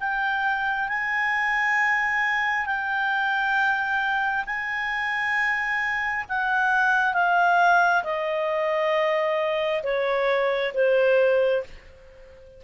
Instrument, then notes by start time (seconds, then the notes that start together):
clarinet
0.00 G5
0.88 G#5
2.66 G5
4.46 G#5
6.29 F#5
7.14 F5
8.04 D#5
9.83 C#5
10.74 C5